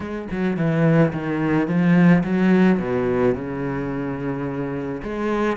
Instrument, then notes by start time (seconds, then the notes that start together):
cello
0.00 G#3
0.31 F#3
0.57 E3
1.12 D#3
1.67 F3
2.23 F#3
2.79 B2
3.34 C#3
5.02 G#3